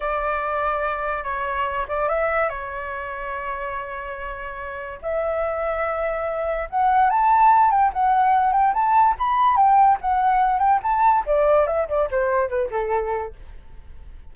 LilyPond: \new Staff \with { instrumentName = "flute" } { \time 4/4 \tempo 4 = 144 d''2. cis''4~ | cis''8 d''8 e''4 cis''2~ | cis''1 | e''1 |
fis''4 a''4. g''8 fis''4~ | fis''8 g''8 a''4 b''4 g''4 | fis''4. g''8 a''4 d''4 | e''8 d''8 c''4 b'8 a'4. | }